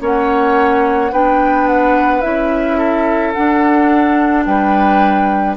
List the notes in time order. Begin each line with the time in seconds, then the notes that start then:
0.00 A#3 C#4 C#5 F#5
1.11 B3 D4 B4 G5
1.67 F#5
2.21 C#4 E4 E5
2.77 A4
3.32 D4 F#5
4.45 G3 B4 G5